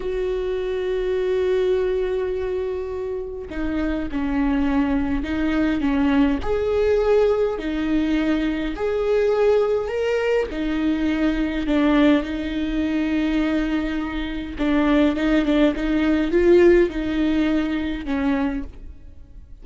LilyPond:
\new Staff \with { instrumentName = "viola" } { \time 4/4 \tempo 4 = 103 fis'1~ | fis'2 dis'4 cis'4~ | cis'4 dis'4 cis'4 gis'4~ | gis'4 dis'2 gis'4~ |
gis'4 ais'4 dis'2 | d'4 dis'2.~ | dis'4 d'4 dis'8 d'8 dis'4 | f'4 dis'2 cis'4 | }